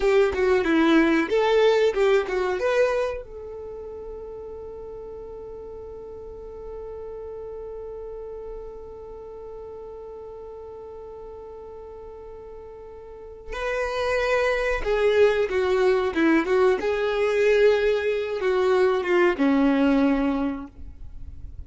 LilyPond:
\new Staff \with { instrumentName = "violin" } { \time 4/4 \tempo 4 = 93 g'8 fis'8 e'4 a'4 g'8 fis'8 | b'4 a'2.~ | a'1~ | a'1~ |
a'1~ | a'4 b'2 gis'4 | fis'4 e'8 fis'8 gis'2~ | gis'8 fis'4 f'8 cis'2 | }